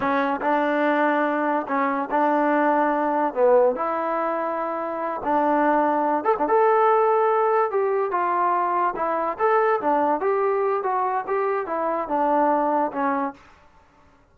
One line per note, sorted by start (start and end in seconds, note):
0.00 0.40 C#4
0.41 1.66 D4
1.67 2.09 C#4
2.11 3.34 D4
3.34 3.75 B3
3.75 5.21 E4
5.24 6.24 D4
6.24 6.34 A4
6.38 6.48 D4
6.48 7.70 A4
7.70 8.11 G4
8.11 8.94 F4
8.96 9.37 E4
9.38 9.80 A4
9.80 10.20 D4
10.20 10.83 G4
10.83 11.24 F#4
11.27 11.66 G4
11.66 12.08 E4
12.08 12.91 D4
12.91 13.33 C#4